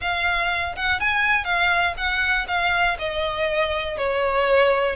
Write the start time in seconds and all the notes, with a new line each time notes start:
0.01 F5
0.76 F#5
1.00 G#5
1.44 F5
1.97 F#5
2.47 F5
2.99 D#5
3.97 C#5